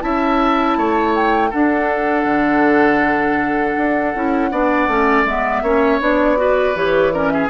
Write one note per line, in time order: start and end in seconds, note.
0.00 0.77 C#4
0.00 1.50 E4
0.00 0.77 E5
0.00 1.13 A5
0.77 1.52 A3
0.77 1.49 C#5
1.15 1.51 G5
1.49 4.15 D4
1.49 2.24 D4
1.49 4.49 A4
1.49 5.25 F#5
2.24 3.74 D3
3.77 4.14 D4
4.15 4.51 C#4
4.15 4.51 E4
4.51 4.87 B3
4.51 4.88 D4
4.51 5.62 D5
4.87 5.24 A3
4.87 5.26 C#4
5.25 5.62 G#3
5.25 5.64 B3
5.25 6.00 E5
5.62 5.99 A#3
5.62 6.00 C#4
5.62 6.38 C#5
6.00 6.75 B3
6.00 6.36 D4
6.00 6.76 D5
6.36 6.74 F#4
6.36 7.13 B4
6.75 7.50 E3
6.75 7.13 G4
6.75 7.12 C#5
7.12 7.50 C#4
7.12 7.32 A#4
7.12 7.29 D5
7.29 7.50 G#4
7.29 7.48 E5